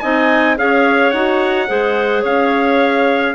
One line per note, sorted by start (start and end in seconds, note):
0.00 0.59 C4
0.00 0.56 D#4
0.00 0.57 D#5
0.00 0.56 G#5
0.56 1.13 C#4
0.56 1.12 G#4
0.56 1.68 C#5
0.56 1.11 F5
1.11 1.69 D#4
1.11 1.67 F#4
1.11 2.23 F#5
1.67 2.24 G#3
1.67 3.35 G#4
1.67 2.22 C5
2.22 3.35 C#4
2.22 3.35 C#5
2.22 3.35 F5